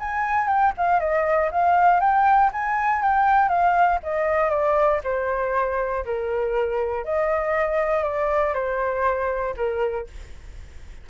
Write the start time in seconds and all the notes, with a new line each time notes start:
0.00 G#5
0.48 G5
0.78 F5
1.00 D#5
1.51 F5
2.01 G5
2.53 G#5
3.02 G5
3.49 F5
4.03 D#5
4.50 D5
5.04 C5
6.05 A#4
7.05 D#5
8.04 D5
8.54 C5
9.57 A#4